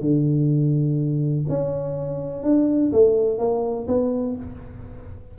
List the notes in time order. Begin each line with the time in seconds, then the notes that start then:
0.00 D3
1.48 C#4
2.43 D4
2.92 A3
3.38 A#3
3.87 B3